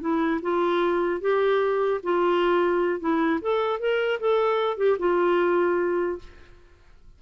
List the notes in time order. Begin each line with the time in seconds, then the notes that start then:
0.00 E4
0.41 F4
1.21 G4
2.03 F4
2.99 E4
3.41 A4
3.79 A#4
4.20 A4
4.77 G4
4.98 F4